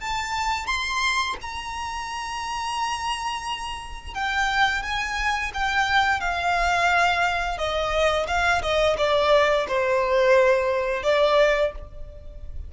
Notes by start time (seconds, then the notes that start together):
0.00 A5
0.66 C6
1.41 A#5
4.14 G5
4.82 G#5
5.53 G5
6.20 F5
7.57 D#5
8.27 F5
8.62 D#5
8.97 D5
9.68 C5
11.03 D5